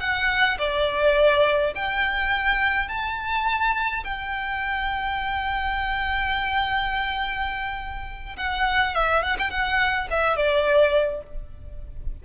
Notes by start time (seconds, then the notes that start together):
0.00 F#5
0.58 D5
1.75 G5
2.88 A5
4.04 G5
8.37 F#5
8.95 E5
9.23 F#5
9.39 G5
9.50 F#5
10.11 E5
10.37 D5